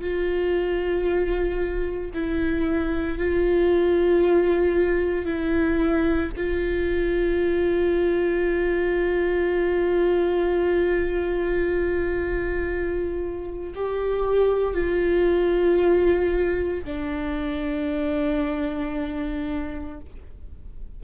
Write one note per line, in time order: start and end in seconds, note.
0.00 2.11 F4
2.13 3.17 E4
3.17 5.25 F4
5.25 6.30 E4
6.36 13.73 F4
13.75 14.73 G4
14.73 16.84 F4
16.84 20.00 D4